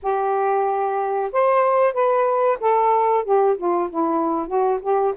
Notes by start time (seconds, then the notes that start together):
0.02 G4
1.32 C5
1.93 B4
2.60 A4
3.24 G4
3.57 F4
3.90 E4
4.47 F#4
4.81 G4